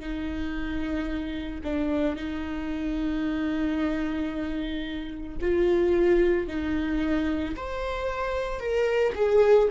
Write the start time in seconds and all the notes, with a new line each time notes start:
0.00 D#4
1.64 D4
2.16 D#4
5.41 F4
6.48 D#4
7.56 C5
8.60 A#4
9.15 G#4